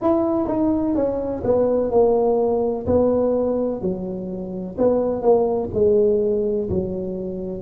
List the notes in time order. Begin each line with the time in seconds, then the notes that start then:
0.01 E4
0.47 D#4
0.95 C#4
1.43 B3
1.90 A#3
2.86 B3
3.81 F#3
4.78 B3
5.22 A#3
5.74 G#3
6.69 F#3